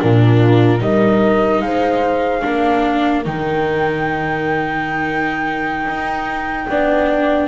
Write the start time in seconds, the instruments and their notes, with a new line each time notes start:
0.00 double bass A#2, viola D4, horn F4, flute A#4
0.79 double bass G3, viola D#4, horn A#4, flute D#5
1.62 double bass G#3, horn C5, flute F5
2.43 double bass A#3, viola D4, horn A#4
3.25 double bass D#3, viola D#4, flute G5
5.86 double bass D#4
6.69 double bass B3, viola D4, horn D5